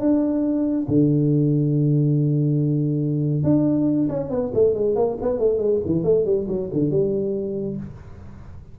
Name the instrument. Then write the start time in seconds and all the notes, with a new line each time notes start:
tuba
0.00 D4
0.88 D3
3.44 D4
4.09 C#4
4.30 B3
4.54 A3
4.74 G#3
4.96 A#3
5.22 B3
5.39 A3
5.58 G#3
5.86 E3
6.04 A3
6.25 G3
6.48 F#3
6.73 D3
6.90 G3